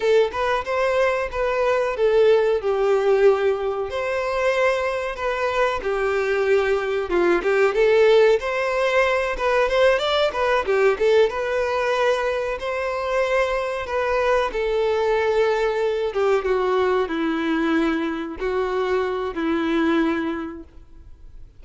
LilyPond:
\new Staff \with { instrumentName = "violin" } { \time 4/4 \tempo 4 = 93 a'8 b'8 c''4 b'4 a'4 | g'2 c''2 | b'4 g'2 f'8 g'8 | a'4 c''4. b'8 c''8 d''8 |
b'8 g'8 a'8 b'2 c''8~ | c''4. b'4 a'4.~ | a'4 g'8 fis'4 e'4.~ | e'8 fis'4. e'2 | }